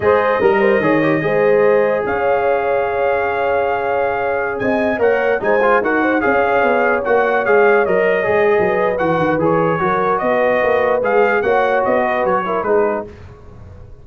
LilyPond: <<
  \new Staff \with { instrumentName = "trumpet" } { \time 4/4 \tempo 4 = 147 dis''1~ | dis''4 f''2.~ | f''2.~ f''16 gis''8.~ | gis''16 fis''4 gis''4 fis''4 f''8.~ |
f''4~ f''16 fis''4 f''4 dis''8.~ | dis''2 fis''4 cis''4~ | cis''4 dis''2 f''4 | fis''4 dis''4 cis''4 b'4 | }
  \new Staff \with { instrumentName = "horn" } { \time 4/4 c''4 ais'8 c''8 cis''4 c''4~ | c''4 cis''2.~ | cis''2.~ cis''16 dis''8.~ | dis''16 cis''4 c''4 ais'8 c''8 cis''8.~ |
cis''1~ | cis''4 b'2. | ais'4 b'2. | cis''4. b'4 ais'8 gis'4 | }
  \new Staff \with { instrumentName = "trombone" } { \time 4/4 gis'4 ais'4 gis'8 g'8 gis'4~ | gis'1~ | gis'1~ | gis'16 ais'4 dis'8 f'8 fis'4 gis'8.~ |
gis'4~ gis'16 fis'4 gis'4 ais'8.~ | ais'16 gis'4.~ gis'16 fis'4 gis'4 | fis'2. gis'4 | fis'2~ fis'8 e'8 dis'4 | }
  \new Staff \with { instrumentName = "tuba" } { \time 4/4 gis4 g4 dis4 gis4~ | gis4 cis'2.~ | cis'2.~ cis'16 c'8.~ | c'16 ais4 gis4 dis'4 cis'8.~ |
cis'16 b4 ais4 gis4 fis8.~ | fis16 gis8. fis4 e8 dis8 e4 | fis4 b4 ais4 gis4 | ais4 b4 fis4 gis4 | }
>>